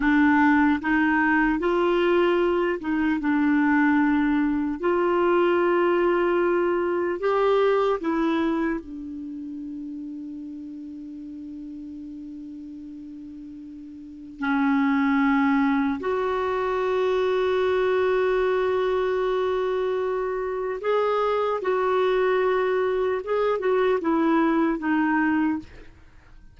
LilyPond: \new Staff \with { instrumentName = "clarinet" } { \time 4/4 \tempo 4 = 75 d'4 dis'4 f'4. dis'8 | d'2 f'2~ | f'4 g'4 e'4 d'4~ | d'1~ |
d'2 cis'2 | fis'1~ | fis'2 gis'4 fis'4~ | fis'4 gis'8 fis'8 e'4 dis'4 | }